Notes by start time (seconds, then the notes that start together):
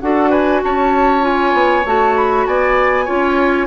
0.00 D4 F#4 A4 F#5
0.29 B4 G#5
0.63 C#4 C#5 A5
1.21 F4 G#5
1.53 B3
1.85 A3 F#4 A5
2.17 B5
2.46 B3 D5 G#5
3.05 C#4 F4 C#5